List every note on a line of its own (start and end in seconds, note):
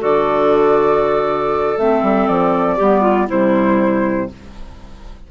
0.00 1.78 D3
0.00 1.76 F#4
0.00 2.77 A4
0.00 1.79 D5
1.78 2.03 A3
1.78 2.79 C4
1.78 2.28 E5
2.03 2.28 G3
2.28 2.79 F3
2.28 3.28 D5
2.77 3.30 G3
2.77 3.29 B3
2.77 3.01 G4
3.01 3.27 F4
3.27 4.31 C3
3.27 4.30 G3
3.27 4.28 E4
3.27 4.31 C5